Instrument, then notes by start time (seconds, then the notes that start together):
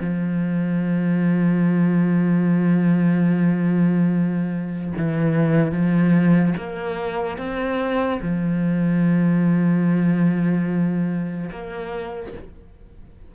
cello
0.00 F3
4.97 E3
5.72 F3
6.58 A#3
7.38 C4
8.22 F3
11.52 A#3